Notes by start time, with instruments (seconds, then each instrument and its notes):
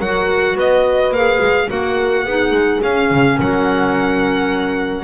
0.00 double bass F#3, clarinet F#4, horn A#4, violin F#5
0.55 double bass B3, horn B4, violin D#5
1.11 double bass A#3, clarinet G#4, violin F5
1.41 double bass G#3
1.69 double bass A#3, clarinet F#4, horn A#4, violin F#5
2.25 double bass B3, clarinet D#4, horn G#4
2.52 double bass G#3
2.82 clarinet C#4, double bass C#4, violin F5
3.11 double bass C#3
3.36 double bass F#3, horn A#4, violin F#5